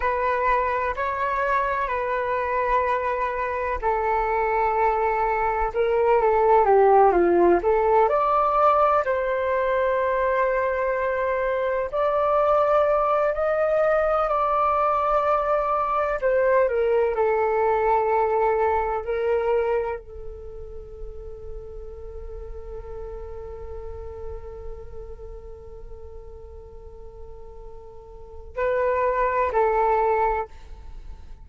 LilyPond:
\new Staff \with { instrumentName = "flute" } { \time 4/4 \tempo 4 = 63 b'4 cis''4 b'2 | a'2 ais'8 a'8 g'8 f'8 | a'8 d''4 c''2~ c''8~ | c''8 d''4. dis''4 d''4~ |
d''4 c''8 ais'8 a'2 | ais'4 a'2.~ | a'1~ | a'2 b'4 a'4 | }